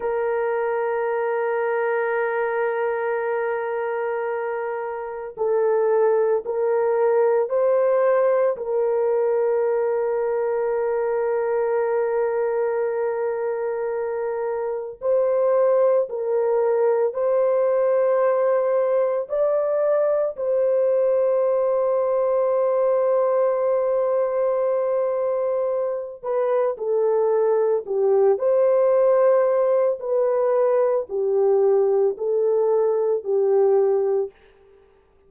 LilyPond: \new Staff \with { instrumentName = "horn" } { \time 4/4 \tempo 4 = 56 ais'1~ | ais'4 a'4 ais'4 c''4 | ais'1~ | ais'2 c''4 ais'4 |
c''2 d''4 c''4~ | c''1~ | c''8 b'8 a'4 g'8 c''4. | b'4 g'4 a'4 g'4 | }